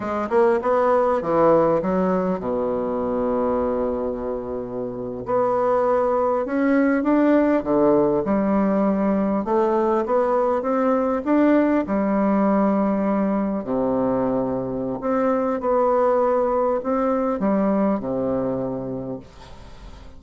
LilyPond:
\new Staff \with { instrumentName = "bassoon" } { \time 4/4 \tempo 4 = 100 gis8 ais8 b4 e4 fis4 | b,1~ | b,8. b2 cis'4 d'16~ | d'8. d4 g2 a16~ |
a8. b4 c'4 d'4 g16~ | g2~ g8. c4~ c16~ | c4 c'4 b2 | c'4 g4 c2 | }